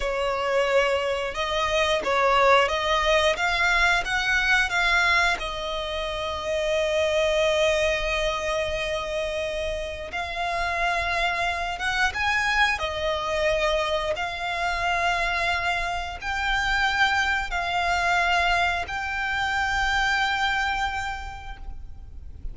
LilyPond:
\new Staff \with { instrumentName = "violin" } { \time 4/4 \tempo 4 = 89 cis''2 dis''4 cis''4 | dis''4 f''4 fis''4 f''4 | dis''1~ | dis''2. f''4~ |
f''4. fis''8 gis''4 dis''4~ | dis''4 f''2. | g''2 f''2 | g''1 | }